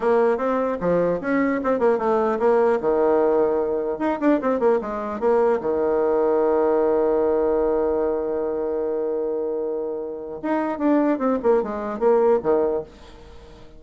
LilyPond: \new Staff \with { instrumentName = "bassoon" } { \time 4/4 \tempo 4 = 150 ais4 c'4 f4 cis'4 | c'8 ais8 a4 ais4 dis4~ | dis2 dis'8 d'8 c'8 ais8 | gis4 ais4 dis2~ |
dis1~ | dis1~ | dis2 dis'4 d'4 | c'8 ais8 gis4 ais4 dis4 | }